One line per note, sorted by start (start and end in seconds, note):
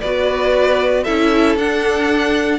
0.00 1.07 B3
0.00 1.06 F#4
0.00 1.03 B4
0.00 1.03 D5
1.03 1.55 C#4
1.03 1.58 E4
1.03 2.58 A4
1.03 1.55 E5
1.55 2.59 D4
1.55 2.59 F#5